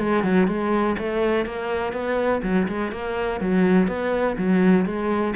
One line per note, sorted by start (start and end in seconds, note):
0.00 0.24 G#3
0.24 0.48 F#3
0.48 0.97 G#3
0.99 1.46 A3
1.46 1.93 A#3
1.93 2.42 B3
2.43 2.68 F#3
2.68 2.92 G#3
2.92 3.41 A#3
3.41 3.88 F#3
3.88 4.37 B3
4.38 4.86 F#3
4.86 5.35 G#3